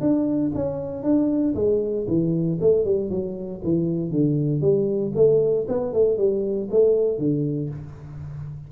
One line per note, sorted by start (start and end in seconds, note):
0.00 0.51 D4
0.55 1.03 C#4
1.03 1.54 D4
1.54 2.06 G#3
2.07 2.59 E3
2.61 2.85 A3
2.85 3.10 G3
3.10 3.61 F#3
3.64 4.10 E3
4.10 4.61 D3
4.61 5.12 G3
5.15 5.66 A3
5.68 5.93 B3
5.93 6.17 A3
6.17 6.69 G3
6.70 7.18 A3
7.18 7.69 D3